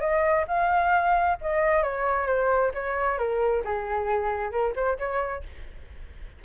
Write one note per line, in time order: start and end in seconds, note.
0.00 0.45 D#5
0.47 1.37 F5
1.41 1.82 D#5
1.82 2.26 C#5
2.26 2.71 C5
2.74 3.18 C#5
3.18 3.63 A#4
3.64 4.51 G#4
4.51 4.73 A#4
4.75 4.98 C5
4.98 5.43 C#5